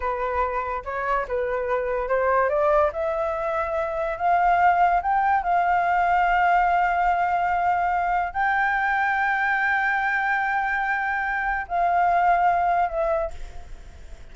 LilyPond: \new Staff \with { instrumentName = "flute" } { \time 4/4 \tempo 4 = 144 b'2 cis''4 b'4~ | b'4 c''4 d''4 e''4~ | e''2 f''2 | g''4 f''2.~ |
f''1 | g''1~ | g''1 | f''2. e''4 | }